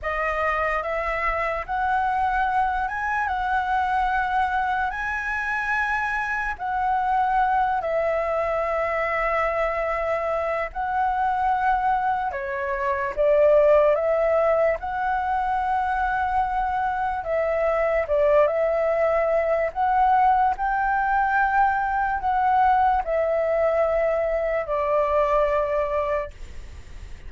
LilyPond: \new Staff \with { instrumentName = "flute" } { \time 4/4 \tempo 4 = 73 dis''4 e''4 fis''4. gis''8 | fis''2 gis''2 | fis''4. e''2~ e''8~ | e''4 fis''2 cis''4 |
d''4 e''4 fis''2~ | fis''4 e''4 d''8 e''4. | fis''4 g''2 fis''4 | e''2 d''2 | }